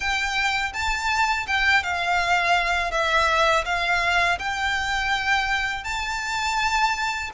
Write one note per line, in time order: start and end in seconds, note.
0.00 0.73 G5
0.73 1.46 A5
1.47 1.83 G5
1.83 2.91 F5
2.91 3.64 E5
3.65 4.38 F5
4.38 5.84 G5
5.84 7.30 A5